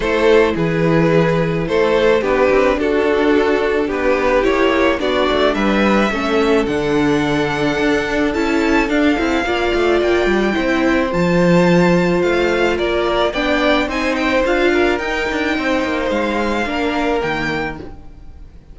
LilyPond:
<<
  \new Staff \with { instrumentName = "violin" } { \time 4/4 \tempo 4 = 108 c''4 b'2 c''4 | b'4 a'2 b'4 | cis''4 d''4 e''2 | fis''2. a''4 |
f''2 g''2 | a''2 f''4 d''4 | g''4 gis''8 g''8 f''4 g''4~ | g''4 f''2 g''4 | }
  \new Staff \with { instrumentName = "violin" } { \time 4/4 a'4 gis'2 a'4 | g'4 fis'2 g'4~ | g'4 fis'4 b'4 a'4~ | a'1~ |
a'4 d''2 c''4~ | c''2. ais'4 | d''4 c''4. ais'4. | c''2 ais'2 | }
  \new Staff \with { instrumentName = "viola" } { \time 4/4 e'1 | d'1 | e'4 d'2 cis'4 | d'2. e'4 |
d'8 e'8 f'2 e'4 | f'1 | d'4 dis'4 f'4 dis'4~ | dis'2 d'4 ais4 | }
  \new Staff \with { instrumentName = "cello" } { \time 4/4 a4 e2 a4 | b8 c'8 d'2 b4 | ais4 b8 a8 g4 a4 | d2 d'4 cis'4 |
d'8 c'8 ais8 a8 ais8 g8 c'4 | f2 a4 ais4 | b4 c'4 d'4 dis'8 d'8 | c'8 ais8 gis4 ais4 dis4 | }
>>